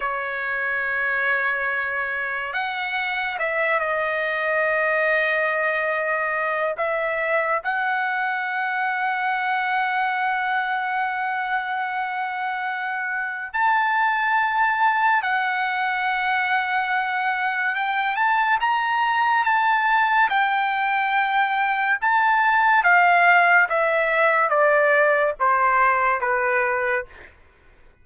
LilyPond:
\new Staff \with { instrumentName = "trumpet" } { \time 4/4 \tempo 4 = 71 cis''2. fis''4 | e''8 dis''2.~ dis''8 | e''4 fis''2.~ | fis''1 |
a''2 fis''2~ | fis''4 g''8 a''8 ais''4 a''4 | g''2 a''4 f''4 | e''4 d''4 c''4 b'4 | }